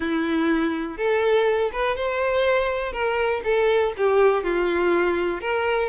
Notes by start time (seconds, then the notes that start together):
0.00 E4
0.97 A4
1.72 B4
1.96 C5
2.92 A#4
3.44 A4
3.97 G4
4.43 F4
5.40 A#4